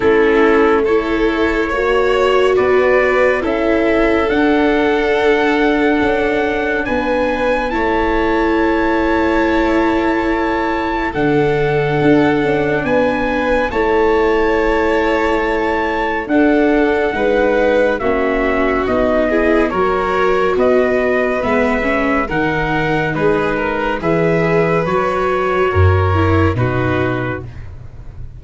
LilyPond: <<
  \new Staff \with { instrumentName = "trumpet" } { \time 4/4 \tempo 4 = 70 a'4 cis''2 d''4 | e''4 fis''2. | gis''4 a''2.~ | a''4 fis''2 gis''4 |
a''2. fis''4~ | fis''4 e''4 dis''4 cis''4 | dis''4 e''4 fis''4 b'4 | e''4 cis''2 b'4 | }
  \new Staff \with { instrumentName = "violin" } { \time 4/4 e'4 a'4 cis''4 b'4 | a'1 | b'4 cis''2.~ | cis''4 a'2 b'4 |
cis''2. a'4 | b'4 fis'4. gis'8 ais'4 | b'2 ais'4 gis'8 ais'8 | b'2 ais'4 fis'4 | }
  \new Staff \with { instrumentName = "viola" } { \time 4/4 cis'4 e'4 fis'2 | e'4 d'2.~ | d'4 e'2.~ | e'4 d'2. |
e'2. d'4 | dis'4 cis'4 dis'8 e'8 fis'4~ | fis'4 b8 cis'8 dis'2 | gis'4 fis'4. e'8 dis'4 | }
  \new Staff \with { instrumentName = "tuba" } { \time 4/4 a2 ais4 b4 | cis'4 d'2 cis'4 | b4 a2.~ | a4 d4 d'8 cis'8 b4 |
a2. d'4 | gis4 ais4 b4 fis4 | b4 gis4 dis4 gis4 | e4 fis4 fis,4 b,4 | }
>>